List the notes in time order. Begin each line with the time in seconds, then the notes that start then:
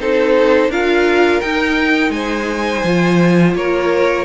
0.00 C4 D#4 A4 C5
0.69 D4 F4 A#4 F5
1.41 D#4 G5
2.10 G#3 C5 G#5
2.84 F3 F4
3.55 A#3 A#4 C#5